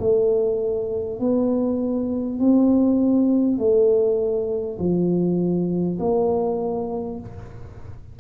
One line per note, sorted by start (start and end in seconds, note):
0.00 1.20 A3
1.20 2.40 B3
2.40 3.59 C4
3.59 4.79 A3
4.79 5.99 F3
6.00 7.20 A#3